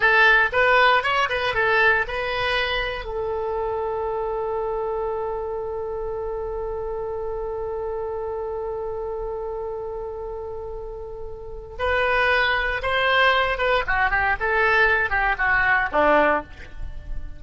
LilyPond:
\new Staff \with { instrumentName = "oboe" } { \time 4/4 \tempo 4 = 117 a'4 b'4 cis''8 b'8 a'4 | b'2 a'2~ | a'1~ | a'1~ |
a'1~ | a'2. b'4~ | b'4 c''4. b'8 fis'8 g'8 | a'4. g'8 fis'4 d'4 | }